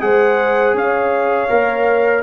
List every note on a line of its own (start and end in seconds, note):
0.00 0.74 G#3
0.00 1.48 G#4
0.00 0.76 C5
0.00 0.75 F#5
0.74 1.48 C#4
0.74 2.22 C#5
0.74 2.22 F5
1.49 2.22 A#3
1.49 2.22 A#4